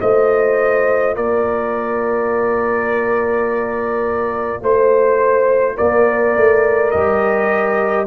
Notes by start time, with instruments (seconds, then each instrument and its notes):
0.00 tuba A3, trombone F4, horn C5, trumpet D#5
1.15 tuba A#3, horn A#4, trumpet D5
4.61 tuba A3, horn C5, trumpet C5
5.76 tuba A#3, horn A#4, trumpet D5
6.36 tuba A3
6.91 tuba G3, trombone G4, trumpet D#5